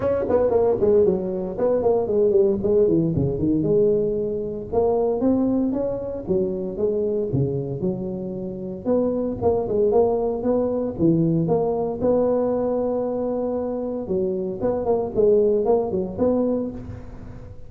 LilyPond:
\new Staff \with { instrumentName = "tuba" } { \time 4/4 \tempo 4 = 115 cis'8 b8 ais8 gis8 fis4 b8 ais8 | gis8 g8 gis8 e8 cis8 dis8 gis4~ | gis4 ais4 c'4 cis'4 | fis4 gis4 cis4 fis4~ |
fis4 b4 ais8 gis8 ais4 | b4 e4 ais4 b4~ | b2. fis4 | b8 ais8 gis4 ais8 fis8 b4 | }